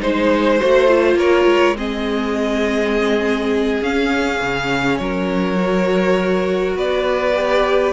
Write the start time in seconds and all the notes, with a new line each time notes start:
0.00 G#3 D#4 C5
0.59 A3 F#4
0.87 F4
1.15 A#3 A#4 C#5
1.45 G#3
1.75 C4 G#4 D#5
3.82 C#4 F5
4.41 C#3
4.98 F#3 A#4 C#5
5.56 F#4
6.75 B3 B4 D5
7.35 G4